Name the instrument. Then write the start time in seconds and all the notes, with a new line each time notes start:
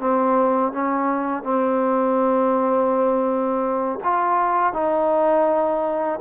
trombone
0.00 C4
0.73 C#4
1.43 C4
4.04 F4
4.73 D#4